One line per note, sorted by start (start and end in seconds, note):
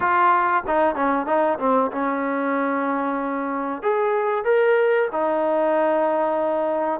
0.00 0.63 F4
0.66 0.95 D#4
0.95 1.26 C#4
1.26 1.58 D#4
1.59 1.91 C4
1.91 3.82 C#4
3.82 4.44 G#4
4.44 5.08 A#4
5.12 7.00 D#4